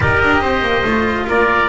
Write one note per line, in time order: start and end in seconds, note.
0.00 0.23 D#4
0.00 0.85 G4
0.00 0.41 A#4
0.00 1.28 D#5
0.23 0.41 D4
0.41 0.61 C4
0.41 1.27 C5
0.61 0.83 A#3
0.84 1.26 A3
0.84 1.69 F4
1.27 1.69 A#3
1.27 1.69 A#4
1.27 1.69 D5